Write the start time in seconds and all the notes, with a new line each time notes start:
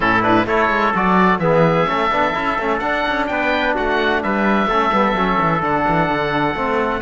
0.00 A2 C#4 E4 A4
0.22 D4 B4
0.46 A3 E4 A4 C#5
0.69 G#3
0.94 F#3 F#4 D5
1.38 E3 B3 G#4 E5
1.86 A3 C#4 A4
2.10 B3 D4
2.33 C#4 E4
2.58 A3 C#4
2.78 D4 F#5
3.08 C#4
3.27 B3 B4 G5
3.74 A3 F#4 F#5
4.23 G3 B4 E5
4.66 A3 C#4 A4
4.91 G3 B3
5.12 F#3 C#4
5.40 E3
5.61 D3 D4 F#5
5.88 E3
6.08 D3
6.54 A3 C4